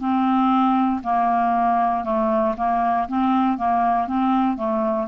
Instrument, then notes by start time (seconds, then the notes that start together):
clarinet
0.00 C4
1.03 A#3
2.04 A3
2.57 A#3
3.08 C4
3.58 A#3
4.08 C4
4.57 A3